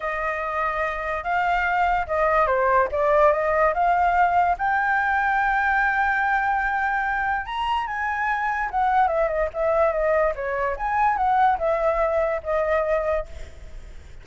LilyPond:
\new Staff \with { instrumentName = "flute" } { \time 4/4 \tempo 4 = 145 dis''2. f''4~ | f''4 dis''4 c''4 d''4 | dis''4 f''2 g''4~ | g''1~ |
g''2 ais''4 gis''4~ | gis''4 fis''4 e''8 dis''8 e''4 | dis''4 cis''4 gis''4 fis''4 | e''2 dis''2 | }